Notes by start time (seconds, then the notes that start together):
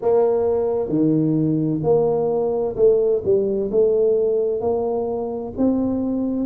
0.01 A#3
0.89 D#3
1.83 A#3
2.76 A3
3.24 G3
3.71 A3
4.61 A#3
5.57 C4